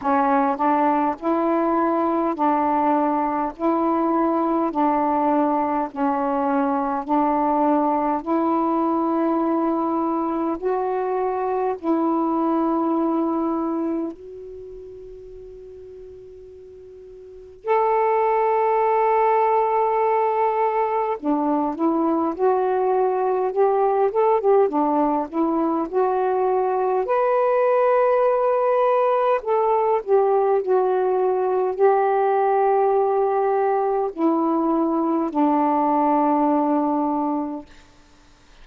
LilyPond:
\new Staff \with { instrumentName = "saxophone" } { \time 4/4 \tempo 4 = 51 cis'8 d'8 e'4 d'4 e'4 | d'4 cis'4 d'4 e'4~ | e'4 fis'4 e'2 | fis'2. a'4~ |
a'2 d'8 e'8 fis'4 | g'8 a'16 g'16 d'8 e'8 fis'4 b'4~ | b'4 a'8 g'8 fis'4 g'4~ | g'4 e'4 d'2 | }